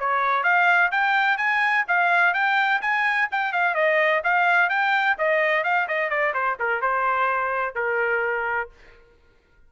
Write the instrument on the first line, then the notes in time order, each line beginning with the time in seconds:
trumpet
0.00 C#5
0.44 F5
0.92 G5
1.38 G#5
1.88 F5
2.34 G5
2.82 G#5
3.32 G5
3.53 F5
3.75 D#5
4.24 F5
4.70 G5
5.19 D#5
5.64 F5
5.88 D#5
6.10 D5
6.34 C5
6.60 A#4
6.82 C5
7.76 A#4